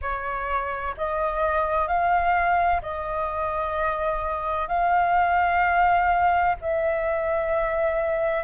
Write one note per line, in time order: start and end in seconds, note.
0.01 0.95 C#5
0.97 1.87 D#5
1.87 2.81 F5
2.81 4.68 D#5
4.68 6.55 F5
6.61 8.44 E5